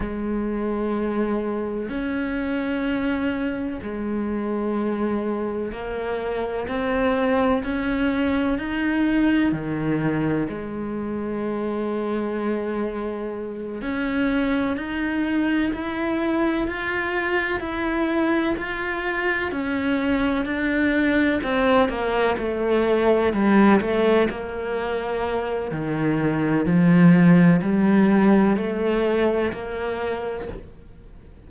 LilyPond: \new Staff \with { instrumentName = "cello" } { \time 4/4 \tempo 4 = 63 gis2 cis'2 | gis2 ais4 c'4 | cis'4 dis'4 dis4 gis4~ | gis2~ gis8 cis'4 dis'8~ |
dis'8 e'4 f'4 e'4 f'8~ | f'8 cis'4 d'4 c'8 ais8 a8~ | a8 g8 a8 ais4. dis4 | f4 g4 a4 ais4 | }